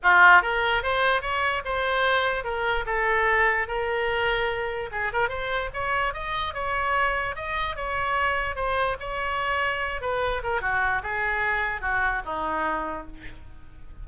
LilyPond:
\new Staff \with { instrumentName = "oboe" } { \time 4/4 \tempo 4 = 147 f'4 ais'4 c''4 cis''4 | c''2 ais'4 a'4~ | a'4 ais'2. | gis'8 ais'8 c''4 cis''4 dis''4 |
cis''2 dis''4 cis''4~ | cis''4 c''4 cis''2~ | cis''8 b'4 ais'8 fis'4 gis'4~ | gis'4 fis'4 dis'2 | }